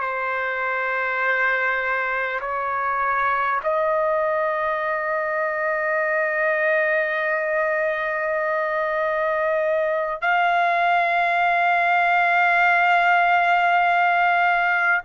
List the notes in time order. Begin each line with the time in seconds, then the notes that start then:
0.00 C5
2.41 C#5
3.63 D#5
10.21 F5